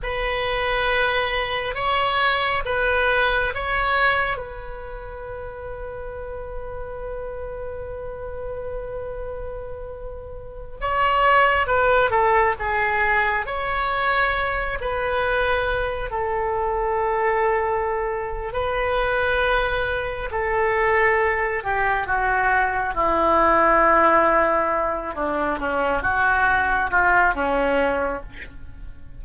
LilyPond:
\new Staff \with { instrumentName = "oboe" } { \time 4/4 \tempo 4 = 68 b'2 cis''4 b'4 | cis''4 b'2.~ | b'1~ | b'16 cis''4 b'8 a'8 gis'4 cis''8.~ |
cis''8. b'4. a'4.~ a'16~ | a'4 b'2 a'4~ | a'8 g'8 fis'4 e'2~ | e'8 d'8 cis'8 fis'4 f'8 cis'4 | }